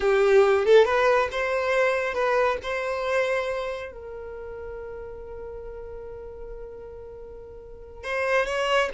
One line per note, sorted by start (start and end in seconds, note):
0.00 0.65 G4
0.65 0.85 A4
0.85 1.28 B4
1.31 2.13 C5
2.13 2.57 B4
2.62 3.92 C5
3.92 8.03 A#4
8.03 8.46 C5
8.46 8.89 C#5